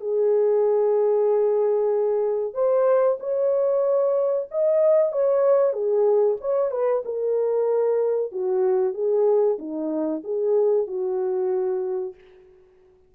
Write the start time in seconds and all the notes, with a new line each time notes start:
0.00 G#4
2.54 C5
3.19 C#5
4.51 D#5
5.12 C#5
5.72 G#4
6.40 C#5
6.71 B4
7.05 A#4
8.32 F#4
8.94 G#4
9.58 D#4
10.24 G#4
10.87 F#4